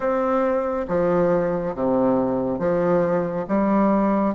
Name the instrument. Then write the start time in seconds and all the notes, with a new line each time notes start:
bassoon
0.00 C4
0.87 F3
1.74 C3
2.58 F3
3.48 G3